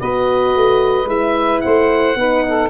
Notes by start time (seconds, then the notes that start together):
0.00 B3 F#4 B4 D#5
0.56 A3
1.06 G#3 E4 E5
1.61 A3 C5 F#5
2.16 B3 D#4 B4
2.49 A4